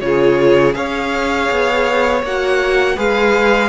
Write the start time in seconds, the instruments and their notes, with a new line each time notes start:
0.00 cello C#3, viola F4, violin G#4 C#5
0.73 cello C#4, viola G#4, violin C#5 F5
1.50 cello B3
2.23 cello A#3, viola F#4, violin F#5
2.96 cello G#3, viola G#4, violin B4 F5